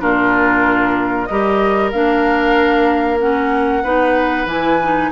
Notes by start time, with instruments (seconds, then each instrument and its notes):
0.00 bassoon A#2, clarinet D4, oboe F4, flute A#4
1.26 bassoon G3, clarinet G4, oboe A#4, flute D#5
1.92 bassoon A#3, clarinet D4, flute F5
3.19 clarinet C#4, flute F#5
3.83 bassoon B3, clarinet D#4, oboe B4
4.45 bassoon E3, clarinet E4, flute G#5
4.82 clarinet D#4